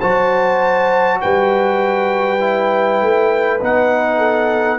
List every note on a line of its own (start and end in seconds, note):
0.00 1.22 F#3
0.00 2.40 F#4
0.00 1.20 C5
0.00 1.20 A5
1.21 3.01 G3
1.21 4.18 B4
1.21 3.61 G5
2.40 3.60 E4
3.01 3.61 A3
3.61 4.79 B3
3.61 4.79 D#4
3.61 4.79 F#5
4.18 4.78 A4